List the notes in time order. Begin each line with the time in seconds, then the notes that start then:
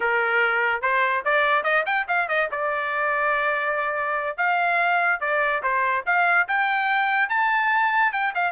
0.00 A#4
0.81 C5
1.24 D5
1.63 D#5
1.86 G5
2.08 F5
2.28 D#5
2.51 D5
4.37 F5
5.20 D5
5.62 C5
6.06 F5
6.48 G5
7.29 A5
8.12 G5
8.34 F5